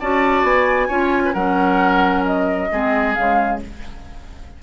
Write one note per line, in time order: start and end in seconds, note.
0.00 0.43 C#4
0.00 0.89 F#4
0.00 0.88 D5
0.00 0.45 A5
0.43 0.88 B3
0.43 1.34 G#5
0.88 1.35 C#4
0.88 1.34 F4
0.88 1.22 C#5
1.25 1.33 B4
1.33 2.70 F#3
1.33 2.70 C#4
1.33 2.69 A#4
1.33 2.24 F#5
2.26 3.15 D#5
2.72 3.17 G#3
2.72 3.17 C4
2.72 3.63 G#4
3.15 3.62 C#3
3.15 3.62 G#3
3.15 3.60 F5